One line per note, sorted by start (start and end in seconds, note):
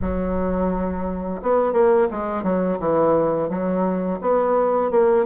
0.01 1.41 F#3
1.41 1.72 B3
1.72 2.07 A#3
2.10 2.43 G#3
2.43 2.78 F#3
2.79 3.49 E3
3.49 4.19 F#3
4.21 4.90 B3
4.90 5.25 A#3